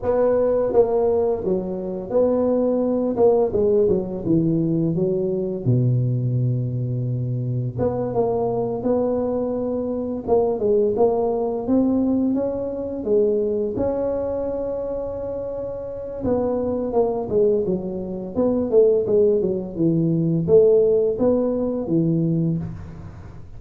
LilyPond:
\new Staff \with { instrumentName = "tuba" } { \time 4/4 \tempo 4 = 85 b4 ais4 fis4 b4~ | b8 ais8 gis8 fis8 e4 fis4 | b,2. b8 ais8~ | ais8 b2 ais8 gis8 ais8~ |
ais8 c'4 cis'4 gis4 cis'8~ | cis'2. b4 | ais8 gis8 fis4 b8 a8 gis8 fis8 | e4 a4 b4 e4 | }